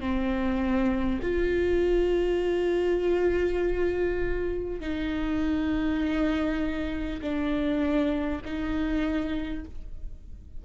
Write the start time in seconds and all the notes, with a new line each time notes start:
0.00 C4
1.23 F4
4.81 D#4
7.22 D4
8.45 D#4